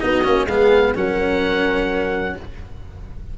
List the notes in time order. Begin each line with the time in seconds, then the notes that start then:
0.00 B3 D#4 F#4 D#5
0.24 A#3 C#4
0.46 G#3 B3 G#4 F5
0.95 F#3 C#4 A#4 F#5